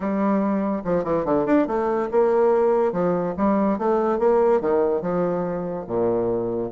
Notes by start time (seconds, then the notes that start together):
0.00 G3
0.84 F3
1.04 E3
1.25 D3
1.46 D4
1.67 A3
2.11 A#3
2.92 F3
3.37 G3
3.78 A3
4.18 A#3
4.61 D#3
5.01 F3
5.87 A#2